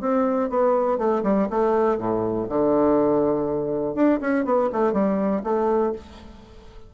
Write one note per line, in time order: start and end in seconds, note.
0.00 0.49 C4
0.49 0.98 B3
0.98 1.22 A3
1.23 1.47 G3
1.50 1.97 A3
1.97 2.47 A2
2.48 3.94 D3
3.94 4.19 D4
4.20 4.44 C#4
4.44 4.69 B3
4.72 4.92 A3
4.92 5.41 G3
5.43 5.92 A3